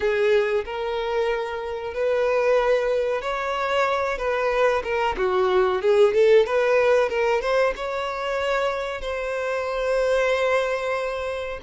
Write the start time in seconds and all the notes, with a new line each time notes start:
0.00 G#4
0.65 A#4
1.94 B4
3.21 C#5
4.18 B4
4.83 A#4
5.17 F#4
5.81 G#4
6.13 A4
6.45 B4
7.09 A#4
7.41 C5
7.76 C#5
9.01 C5